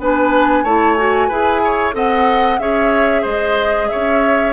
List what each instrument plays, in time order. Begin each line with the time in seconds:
0.00 bassoon B3, clarinet D4, oboe B4, flute G#5
0.64 bassoon A3, clarinet E4, oboe C#5, flute A5
0.95 clarinet F#4, flute G#5
1.29 bassoon E4, clarinet G#4, oboe B4
1.65 oboe C#5
1.93 bassoon C4, clarinet A4, oboe D#5, flute F#5
2.59 bassoon C#4, clarinet G#4, oboe C#5, flute E5
3.22 bassoon G#3, oboe C5, flute D#5
3.89 oboe C#5, flute E5
3.95 bassoon C#4